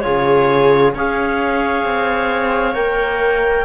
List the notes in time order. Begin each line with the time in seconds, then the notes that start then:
0.00 C#3 F4 G#4 C#5
0.94 C#4 G#4 C#5 F5
1.85 C4
2.74 A#3 A#4 G5